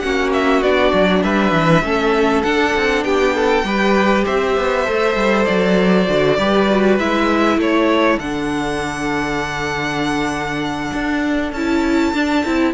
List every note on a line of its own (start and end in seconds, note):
0.00 0.62 A#3
0.00 0.64 C#4
0.00 1.24 F#4
0.00 0.30 F#5
0.33 0.63 E5
0.62 0.93 B3
0.62 1.84 D4
0.62 1.23 D5
0.94 1.24 F#3
1.23 1.53 G3
1.23 1.84 B4
1.23 2.43 E5
1.53 1.83 E3
1.83 2.44 A3
1.83 2.44 C#4
1.83 3.05 A4
2.43 3.65 D4
2.43 2.75 D4
2.43 3.04 F#5
2.76 3.05 C4
3.04 3.64 B3
3.04 3.35 G4
3.04 4.25 G5
3.35 3.65 A4
3.64 4.25 G3
3.64 4.86 G4
3.64 4.25 B4
4.25 4.57 C4
4.25 6.37 C5
4.25 5.45 E5
4.57 4.88 B3
4.86 5.16 A3
4.86 6.07 A4
5.16 5.46 G3
5.45 6.09 F#3
5.45 6.97 D5
6.08 6.38 D3
6.08 6.37 F#4
6.37 6.99 G3
6.37 6.68 G4
6.37 7.60 B4
6.70 7.00 F#4
6.99 7.58 G#3
6.99 8.21 E4
6.99 7.60 E5
7.58 8.18 A3
7.58 12.74 A4
7.58 8.19 C#5
8.19 10.92 D3
8.19 11.55 D4
8.19 11.53 F#5
10.94 11.53 D4
11.53 12.13 C#4
11.53 12.15 E4
11.53 12.74 A5
12.14 12.44 D4
12.14 12.45 D4
12.45 12.74 C4
12.45 12.74 E4